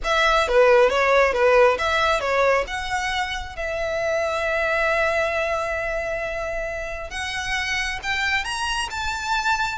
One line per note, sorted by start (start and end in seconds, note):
0.04 0.47 E5
0.47 0.89 B4
0.89 1.33 C#5
1.33 1.77 B4
1.78 2.20 E5
2.20 2.64 C#5
2.67 3.56 F#5
3.56 7.10 E5
7.10 7.99 F#5
8.02 8.44 G5
8.44 8.88 A#5
8.90 9.78 A5